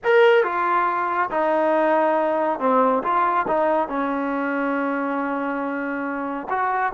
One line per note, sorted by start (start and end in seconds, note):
0.04 0.43 A#4
0.43 1.29 F4
1.30 2.59 D#4
2.59 3.03 C4
3.03 3.46 F4
3.47 3.88 D#4
3.88 6.47 C#4
6.49 6.93 F#4